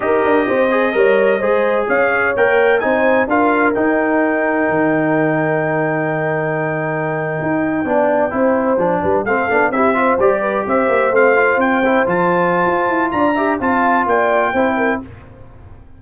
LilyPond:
<<
  \new Staff \with { instrumentName = "trumpet" } { \time 4/4 \tempo 4 = 128 dis''1 | f''4 g''4 gis''4 f''4 | g''1~ | g''1~ |
g''2.~ g''8. f''16~ | f''8. e''4 d''4 e''4 f''16~ | f''8. g''4 a''2~ a''16 | ais''4 a''4 g''2 | }
  \new Staff \with { instrumentName = "horn" } { \time 4/4 ais'4 c''4 cis''4 c''4 | cis''2 c''4 ais'4~ | ais'1~ | ais'1~ |
ais'8. d''4 c''4. b'8 a'16~ | a'8. g'8 c''4 b'8 c''4~ c''16~ | c''1 | d''8 e''8 f''4 d''4 c''8 ais'8 | }
  \new Staff \with { instrumentName = "trombone" } { \time 4/4 g'4. gis'8 ais'4 gis'4~ | gis'4 ais'4 dis'4 f'4 | dis'1~ | dis'1~ |
dis'8. d'4 e'4 d'4 c'16~ | c'16 d'8 e'8 f'8 g'2 c'16~ | c'16 f'4 e'8 f'2~ f'16~ | f'8 g'8 f'2 e'4 | }
  \new Staff \with { instrumentName = "tuba" } { \time 4/4 dis'8 d'8 c'4 g4 gis4 | cis'4 ais4 c'4 d'4 | dis'2 dis2~ | dis2.~ dis8. dis'16~ |
dis'8. b4 c'4 f8 g8 a16~ | a16 b8 c'4 g4 c'8 ais8 a16~ | a8. c'4 f4~ f16 f'8 e'8 | d'4 c'4 ais4 c'4 | }
>>